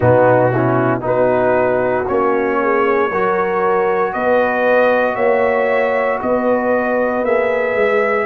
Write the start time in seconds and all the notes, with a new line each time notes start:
0.00 B2 B3 D#4 F#4
0.51 C#4 E4
1.00 B3 D#4 F#4 B4
2.07 A#3 C#4 C#5
2.61 G#4
3.09 F#3 F#4 A#4
4.13 B3 B4 D#5
5.14 A#3 C#5 E5
6.22 B3 B4 D#5
7.23 A#3 G#4 E5
7.75 G#3